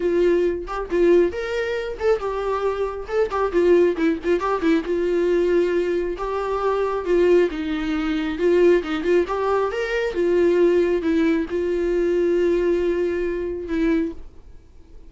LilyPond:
\new Staff \with { instrumentName = "viola" } { \time 4/4 \tempo 4 = 136 f'4. g'8 f'4 ais'4~ | ais'8 a'8 g'2 a'8 g'8 | f'4 e'8 f'8 g'8 e'8 f'4~ | f'2 g'2 |
f'4 dis'2 f'4 | dis'8 f'8 g'4 ais'4 f'4~ | f'4 e'4 f'2~ | f'2. e'4 | }